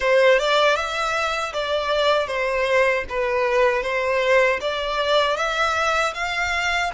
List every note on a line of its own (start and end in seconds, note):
0.00 0.38 C5
0.38 0.76 D5
0.76 1.52 E5
1.53 2.27 D5
2.27 3.04 C5
3.09 3.82 B4
3.82 4.59 C5
4.60 5.36 D5
5.36 6.13 E5
6.14 6.90 F5